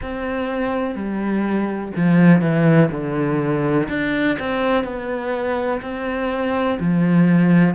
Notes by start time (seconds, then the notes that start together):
0.01 C4
0.95 G3
1.96 F3
2.41 E3
2.91 D3
3.89 D4
4.39 C4
4.84 B3
5.81 C4
6.79 F3